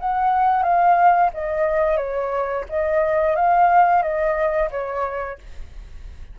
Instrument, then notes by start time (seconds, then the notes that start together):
flute
0.00 F#5
0.63 F5
1.34 D#5
1.97 C#5
2.70 D#5
3.36 F5
4.03 D#5
4.71 C#5